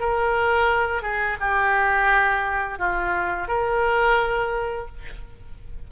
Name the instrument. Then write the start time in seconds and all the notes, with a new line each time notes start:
oboe
0.00 A#4
1.02 G#4
1.40 G4
2.79 F4
3.48 A#4